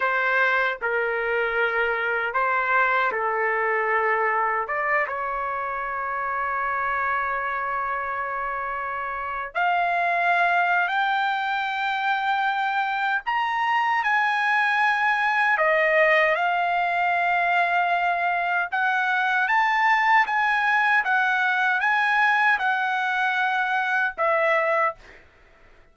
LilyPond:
\new Staff \with { instrumentName = "trumpet" } { \time 4/4 \tempo 4 = 77 c''4 ais'2 c''4 | a'2 d''8 cis''4.~ | cis''1~ | cis''16 f''4.~ f''16 g''2~ |
g''4 ais''4 gis''2 | dis''4 f''2. | fis''4 a''4 gis''4 fis''4 | gis''4 fis''2 e''4 | }